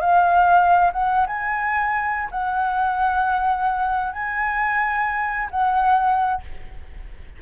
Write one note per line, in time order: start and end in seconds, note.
0.00 0.91 F5
0.92 1.26 F#5
1.26 2.29 G#5
2.31 4.12 F#5
4.12 5.49 G#5
5.50 6.41 F#5